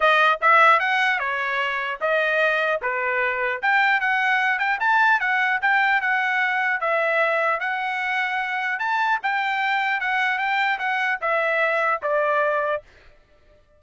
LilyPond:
\new Staff \with { instrumentName = "trumpet" } { \time 4/4 \tempo 4 = 150 dis''4 e''4 fis''4 cis''4~ | cis''4 dis''2 b'4~ | b'4 g''4 fis''4. g''8 | a''4 fis''4 g''4 fis''4~ |
fis''4 e''2 fis''4~ | fis''2 a''4 g''4~ | g''4 fis''4 g''4 fis''4 | e''2 d''2 | }